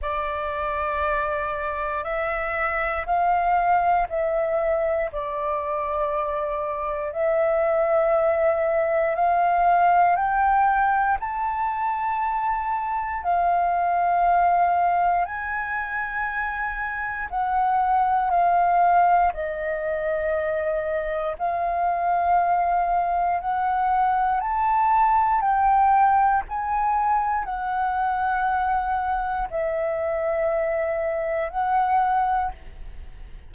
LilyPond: \new Staff \with { instrumentName = "flute" } { \time 4/4 \tempo 4 = 59 d''2 e''4 f''4 | e''4 d''2 e''4~ | e''4 f''4 g''4 a''4~ | a''4 f''2 gis''4~ |
gis''4 fis''4 f''4 dis''4~ | dis''4 f''2 fis''4 | a''4 g''4 gis''4 fis''4~ | fis''4 e''2 fis''4 | }